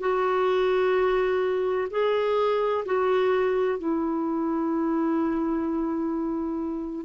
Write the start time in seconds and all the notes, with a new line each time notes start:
0.00 F#4
1.91 G#4
2.86 F#4
3.79 E4